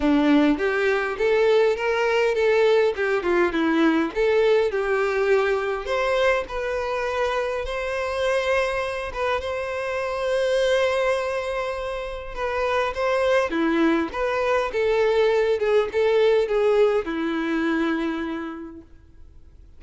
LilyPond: \new Staff \with { instrumentName = "violin" } { \time 4/4 \tempo 4 = 102 d'4 g'4 a'4 ais'4 | a'4 g'8 f'8 e'4 a'4 | g'2 c''4 b'4~ | b'4 c''2~ c''8 b'8 |
c''1~ | c''4 b'4 c''4 e'4 | b'4 a'4. gis'8 a'4 | gis'4 e'2. | }